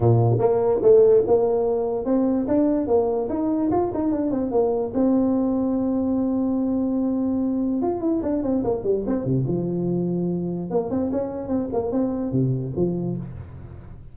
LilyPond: \new Staff \with { instrumentName = "tuba" } { \time 4/4 \tempo 4 = 146 ais,4 ais4 a4 ais4~ | ais4 c'4 d'4 ais4 | dis'4 f'8 dis'8 d'8 c'8 ais4 | c'1~ |
c'2. f'8 e'8 | d'8 c'8 ais8 g8 c'8 c8 f4~ | f2 ais8 c'8 cis'4 | c'8 ais8 c'4 c4 f4 | }